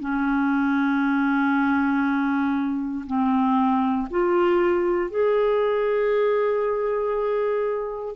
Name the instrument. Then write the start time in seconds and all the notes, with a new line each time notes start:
clarinet
0.00 C#4
3.06 C4
4.10 F4
5.10 G#4